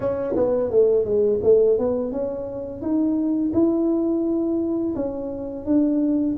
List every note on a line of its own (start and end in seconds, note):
0.00 0.34 C#4
0.35 0.70 B3
0.70 1.04 A3
1.04 1.40 G#3
1.43 1.78 A3
1.78 2.11 B3
2.11 2.81 C#4
2.81 3.52 D#4
3.53 4.94 E4
4.95 5.65 C#4
5.65 6.36 D4